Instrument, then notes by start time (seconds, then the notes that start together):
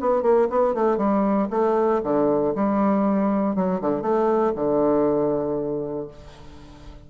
bassoon
0.00 B3
0.22 A#3
0.49 B3
0.74 A3
0.97 G3
1.50 A3
2.03 D3
2.55 G3
3.55 F#3
3.81 D3
4.01 A3
4.55 D3